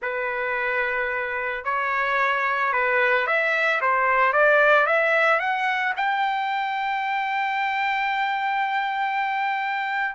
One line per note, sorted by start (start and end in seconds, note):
0.02 1.64 B4
1.64 2.72 C#5
2.72 3.26 B4
3.26 3.80 E5
3.81 4.32 C5
4.32 4.86 D5
4.86 5.39 E5
5.39 5.93 F#5
5.96 10.15 G5